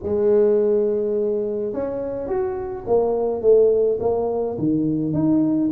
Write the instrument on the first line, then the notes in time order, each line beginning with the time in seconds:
tuba
0.02 G#3
1.73 C#4
2.27 F#4
2.86 A#3
3.41 A3
3.99 A#3
4.58 D#3
5.13 D#4